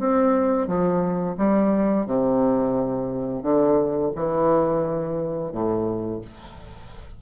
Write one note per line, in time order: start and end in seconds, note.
0.00 0.68 C4
0.68 1.37 F3
1.38 2.07 G3
2.07 3.43 C3
3.43 4.12 D3
4.16 5.53 E3
5.53 6.22 A2